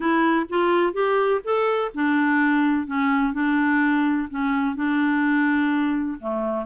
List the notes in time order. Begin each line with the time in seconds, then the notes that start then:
0.00 E4
0.49 F4
0.93 G4
1.44 A4
1.94 D4
2.86 C#4
3.33 D4
4.30 C#4
4.75 D4
6.19 A3